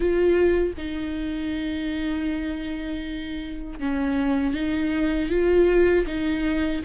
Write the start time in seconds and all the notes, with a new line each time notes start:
0.00 F4
0.77 D#4
3.79 C#4
4.53 D#4
5.29 F4
6.06 D#4